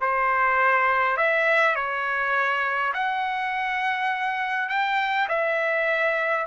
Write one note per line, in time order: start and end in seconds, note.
0.00 1.17 C5
1.17 1.75 E5
1.75 2.93 C#5
2.93 4.68 F#5
4.68 5.27 G5
5.28 6.46 E5